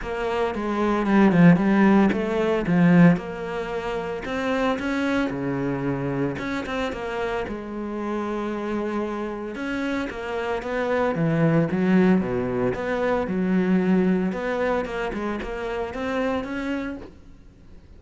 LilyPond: \new Staff \with { instrumentName = "cello" } { \time 4/4 \tempo 4 = 113 ais4 gis4 g8 f8 g4 | a4 f4 ais2 | c'4 cis'4 cis2 | cis'8 c'8 ais4 gis2~ |
gis2 cis'4 ais4 | b4 e4 fis4 b,4 | b4 fis2 b4 | ais8 gis8 ais4 c'4 cis'4 | }